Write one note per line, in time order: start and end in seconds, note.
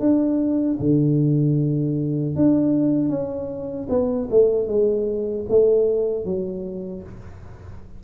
0.00 0.78 D4
0.80 2.36 D3
2.36 3.09 D4
3.09 3.87 C#4
3.89 4.28 B3
4.31 4.68 A3
4.68 5.45 G#3
5.49 6.25 A3
6.25 7.03 F#3